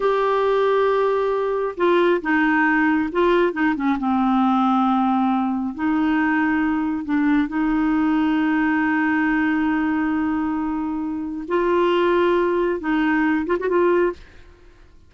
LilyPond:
\new Staff \with { instrumentName = "clarinet" } { \time 4/4 \tempo 4 = 136 g'1 | f'4 dis'2 f'4 | dis'8 cis'8 c'2.~ | c'4 dis'2. |
d'4 dis'2.~ | dis'1~ | dis'2 f'2~ | f'4 dis'4. f'16 fis'16 f'4 | }